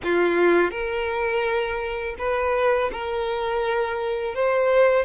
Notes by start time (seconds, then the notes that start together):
0.03 F4
0.70 A#4
2.18 B4
2.92 A#4
4.34 C5